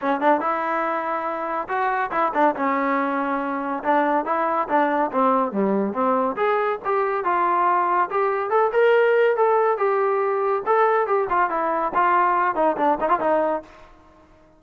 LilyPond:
\new Staff \with { instrumentName = "trombone" } { \time 4/4 \tempo 4 = 141 cis'8 d'8 e'2. | fis'4 e'8 d'8 cis'2~ | cis'4 d'4 e'4 d'4 | c'4 g4 c'4 gis'4 |
g'4 f'2 g'4 | a'8 ais'4. a'4 g'4~ | g'4 a'4 g'8 f'8 e'4 | f'4. dis'8 d'8 dis'16 f'16 dis'4 | }